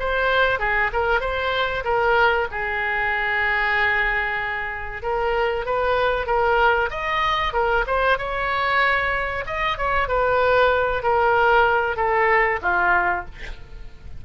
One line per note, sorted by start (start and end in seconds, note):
0.00 0.59 C5
0.59 0.91 G#4
0.93 1.21 A#4
1.21 1.84 C5
1.85 2.48 A#4
2.51 5.03 G#4
5.03 5.66 A#4
5.66 6.27 B4
6.27 6.90 A#4
6.90 7.53 D#5
7.53 7.85 A#4
7.87 8.18 C5
8.18 9.44 C#5
9.47 9.78 D#5
9.78 10.09 C#5
10.09 11.03 B4
11.03 11.97 A#4
11.97 12.60 A4
12.62 13.25 F4